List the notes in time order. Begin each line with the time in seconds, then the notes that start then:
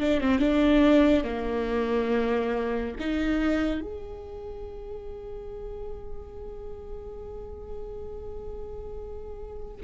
0.00 D4
0.21 C4
0.40 D4
1.24 A#3
3.00 D#4
3.82 G#4